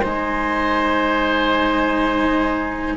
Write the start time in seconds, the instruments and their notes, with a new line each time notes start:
0.00 bassoon G#3, cello D#4, oboe C5, flute G#5